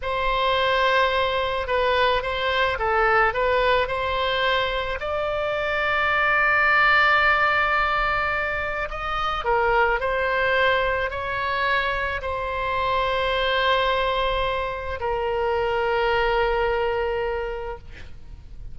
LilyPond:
\new Staff \with { instrumentName = "oboe" } { \time 4/4 \tempo 4 = 108 c''2. b'4 | c''4 a'4 b'4 c''4~ | c''4 d''2.~ | d''1 |
dis''4 ais'4 c''2 | cis''2 c''2~ | c''2. ais'4~ | ais'1 | }